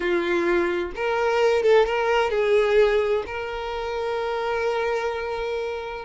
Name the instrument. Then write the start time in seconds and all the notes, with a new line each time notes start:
violin
0.00 F4
0.95 A#4
1.62 A4
1.85 A#4
2.30 G#4
3.26 A#4